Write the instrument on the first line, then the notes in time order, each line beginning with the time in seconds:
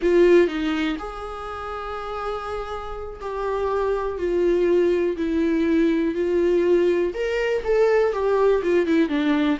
viola
0.02 F4
0.47 D#4
0.99 G#4
3.21 G4
4.18 F4
5.16 E4
6.15 F4
7.14 A#4
7.64 A4
8.13 G4
8.62 F4
8.86 E4
9.08 D4